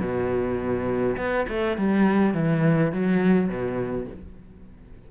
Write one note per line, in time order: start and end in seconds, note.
0.00 1.17 B2
1.17 1.46 B3
1.49 1.77 A3
1.77 2.34 G3
2.34 2.92 E3
2.92 3.48 F#3
3.48 4.06 B2